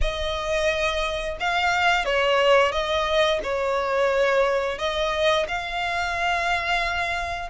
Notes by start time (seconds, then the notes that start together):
0.01 D#5
1.40 F5
2.05 C#5
2.71 D#5
3.43 C#5
4.78 D#5
5.48 F5